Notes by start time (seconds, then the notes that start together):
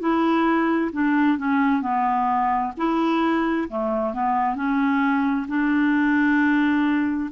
0.00 E4
0.93 D4
1.38 C#4
1.81 B3
2.77 E4
3.69 A3
4.14 B3
4.55 C#4
5.48 D4